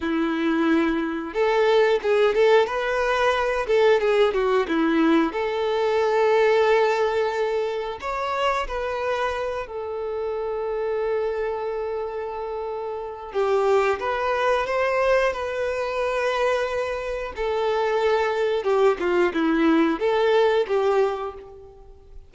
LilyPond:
\new Staff \with { instrumentName = "violin" } { \time 4/4 \tempo 4 = 90 e'2 a'4 gis'8 a'8 | b'4. a'8 gis'8 fis'8 e'4 | a'1 | cis''4 b'4. a'4.~ |
a'1 | g'4 b'4 c''4 b'4~ | b'2 a'2 | g'8 f'8 e'4 a'4 g'4 | }